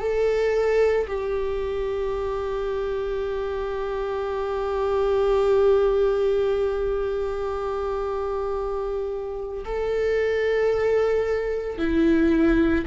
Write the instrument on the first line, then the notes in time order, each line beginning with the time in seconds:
viola
0.00 A4
1.08 G4
9.65 A4
11.78 E4